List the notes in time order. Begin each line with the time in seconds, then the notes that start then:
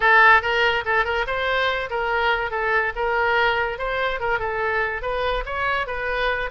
0.00 A4
0.42 A#4
0.85 A4
1.04 A#4
1.26 C5
1.90 A#4
2.50 A4
2.95 A#4
3.78 C5
4.20 A#4
4.39 A4
5.01 B4
5.45 C#5
5.86 B4